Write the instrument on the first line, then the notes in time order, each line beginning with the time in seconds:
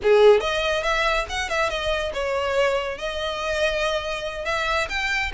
violin
0.02 G#4
0.40 D#5
0.83 E5
1.29 F#5
1.49 E5
1.69 D#5
2.13 C#5
2.98 D#5
4.45 E5
4.89 G5